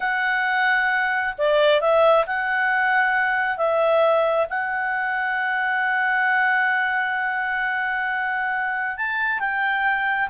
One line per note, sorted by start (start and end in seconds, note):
0.00 1.34 F#5
1.37 1.81 D5
1.81 2.25 E5
2.26 3.57 F#5
3.57 4.46 E5
4.49 8.97 F#5
8.97 9.39 A5
9.39 10.29 G5